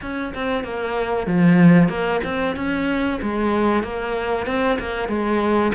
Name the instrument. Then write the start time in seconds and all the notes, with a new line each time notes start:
cello
0.01 C#4
0.34 C4
0.64 A#3
1.26 F3
1.89 A#3
2.23 C4
2.56 C#4
3.21 G#3
3.83 A#3
4.46 C4
4.79 A#3
5.08 G#3